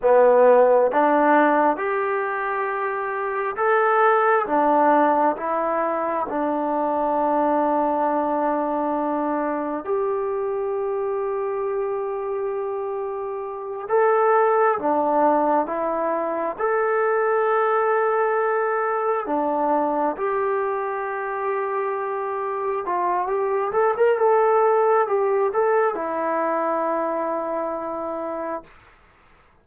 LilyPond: \new Staff \with { instrumentName = "trombone" } { \time 4/4 \tempo 4 = 67 b4 d'4 g'2 | a'4 d'4 e'4 d'4~ | d'2. g'4~ | g'2.~ g'8 a'8~ |
a'8 d'4 e'4 a'4.~ | a'4. d'4 g'4.~ | g'4. f'8 g'8 a'16 ais'16 a'4 | g'8 a'8 e'2. | }